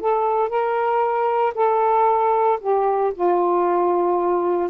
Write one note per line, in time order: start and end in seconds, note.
0.00 0.49 A4
0.49 1.53 A#4
1.55 2.59 A4
2.61 3.13 G4
3.14 4.70 F4